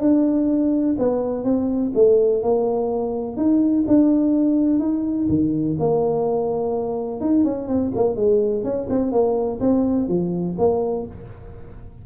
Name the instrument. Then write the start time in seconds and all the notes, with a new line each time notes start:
tuba
0.00 D4
0.99 B3
1.44 C4
1.95 A3
2.43 A#3
3.37 D#4
3.87 D4
4.80 D#4
5.29 D#3
5.79 A#3
7.21 D#4
7.44 C#4
7.68 C4
7.95 A#3
8.16 G#3
8.64 C#4
8.90 C4
9.12 A#3
9.60 C4
10.08 F3
10.58 A#3